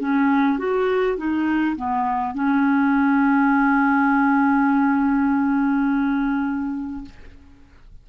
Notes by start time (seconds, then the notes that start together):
0.00 C#4
0.58 F#4
1.17 D#4
1.76 B3
2.34 C#4